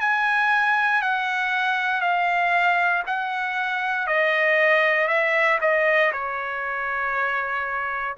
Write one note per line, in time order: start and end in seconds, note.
0.00 1.02 G#5
1.02 2.01 F#5
2.01 3.03 F5
3.06 4.07 F#5
4.07 5.08 D#5
5.08 5.58 E5
5.61 6.12 D#5
6.12 8.15 C#5